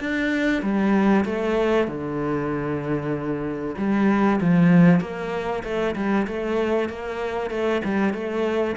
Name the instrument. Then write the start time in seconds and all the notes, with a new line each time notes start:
cello
0.00 D4
0.62 G3
1.25 A3
1.88 D3
3.78 G3
4.41 F3
5.00 A#3
5.64 A3
5.95 G3
6.27 A3
6.89 A#3
7.50 A3
7.84 G3
8.14 A3